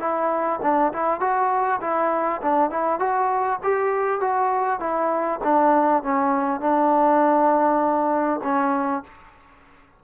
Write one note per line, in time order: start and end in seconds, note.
0.00 0.60 E4
0.63 0.93 D4
0.93 1.21 E4
1.21 1.81 F#4
1.81 2.41 E4
2.42 2.70 D4
2.70 3.00 E4
3.00 3.60 F#4
3.64 4.21 G4
4.21 4.80 F#4
4.80 5.40 E4
5.44 6.03 D4
6.03 6.61 C#4
6.61 8.41 D4
8.44 9.04 C#4